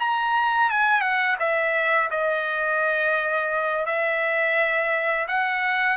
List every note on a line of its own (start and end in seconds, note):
0.00 0.71 A#5
0.71 1.01 G#5
1.01 1.36 F#5
1.40 2.10 E5
2.11 3.86 D#5
3.86 5.27 E5
5.28 5.97 F#5